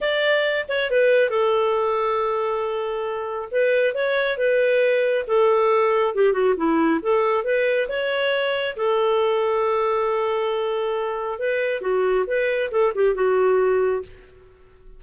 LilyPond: \new Staff \with { instrumentName = "clarinet" } { \time 4/4 \tempo 4 = 137 d''4. cis''8 b'4 a'4~ | a'1 | b'4 cis''4 b'2 | a'2 g'8 fis'8 e'4 |
a'4 b'4 cis''2 | a'1~ | a'2 b'4 fis'4 | b'4 a'8 g'8 fis'2 | }